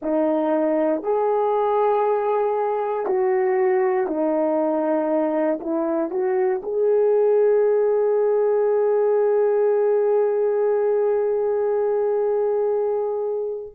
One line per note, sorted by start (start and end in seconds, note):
0.02 1.03 D#4
1.03 3.06 G#4
3.06 4.06 F#4
4.06 5.59 D#4
5.60 6.10 E4
6.10 6.61 F#4
6.62 13.74 G#4